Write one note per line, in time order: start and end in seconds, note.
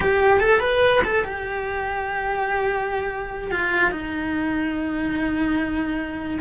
0.00 0.40 G4
0.40 0.60 A4
0.60 1.01 B4
1.04 1.24 A4
1.24 3.51 G4
3.51 3.91 F4
3.91 6.39 D#4